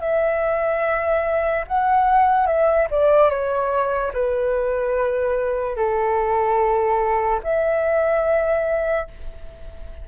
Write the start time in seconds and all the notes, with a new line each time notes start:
0.00 E5
1.67 F#5
2.46 E5
2.90 D5
3.30 C#5
4.13 B4
5.76 A4
7.43 E5